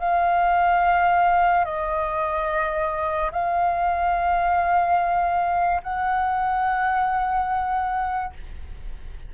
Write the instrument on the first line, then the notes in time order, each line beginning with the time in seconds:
flute
0.00 F5
1.65 D#5
3.33 F5
5.84 F#5